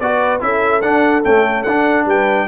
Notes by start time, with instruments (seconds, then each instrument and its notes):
0.00 tuba B3, trombone F#4, horn B4, trumpet D5
0.41 tuba C#4, trombone E4, horn A4, trumpet E5
0.82 tuba D4, trombone D4, trumpet F#5
1.25 trombone A3, tuba C#4, trumpet G5
1.63 tuba D4, trombone D4, trumpet F#5
2.06 tuba G3, horn B4, trumpet G5